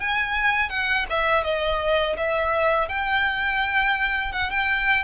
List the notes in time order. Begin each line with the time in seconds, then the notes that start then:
0.00 G#5
0.70 F#5
1.10 E5
1.44 D#5
2.18 E5
2.89 G5
4.32 F#5
4.51 G5